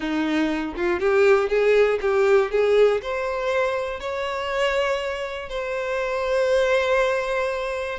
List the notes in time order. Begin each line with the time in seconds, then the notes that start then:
0.00 D#4
0.75 F4
1.00 G4
1.49 G#4
2.01 G4
2.51 G#4
3.02 C5
4.00 C#5
5.49 C5